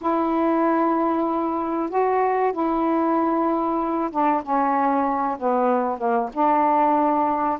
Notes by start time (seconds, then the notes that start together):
0.01 E4
1.89 F#4
2.52 E4
4.11 D4
4.43 C#4
5.38 B3
5.98 A#3
6.33 D4